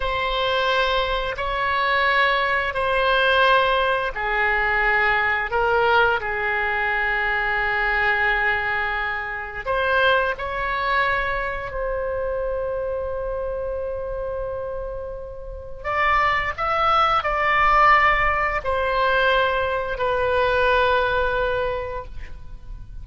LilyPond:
\new Staff \with { instrumentName = "oboe" } { \time 4/4 \tempo 4 = 87 c''2 cis''2 | c''2 gis'2 | ais'4 gis'2.~ | gis'2 c''4 cis''4~ |
cis''4 c''2.~ | c''2. d''4 | e''4 d''2 c''4~ | c''4 b'2. | }